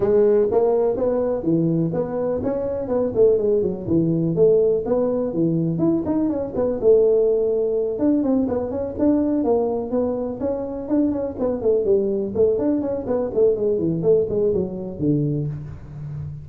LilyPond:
\new Staff \with { instrumentName = "tuba" } { \time 4/4 \tempo 4 = 124 gis4 ais4 b4 e4 | b4 cis'4 b8 a8 gis8 fis8 | e4 a4 b4 e4 | e'8 dis'8 cis'8 b8 a2~ |
a8 d'8 c'8 b8 cis'8 d'4 ais8~ | ais8 b4 cis'4 d'8 cis'8 b8 | a8 g4 a8 d'8 cis'8 b8 a8 | gis8 e8 a8 gis8 fis4 d4 | }